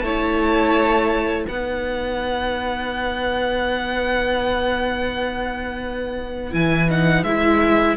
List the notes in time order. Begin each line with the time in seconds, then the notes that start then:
0.00 A3 E4 C#5 A5
1.46 B3 D#4 B4 F#5
6.52 E3 E4 G#5
6.90 D#4 F#5
7.24 G#3 E4 E5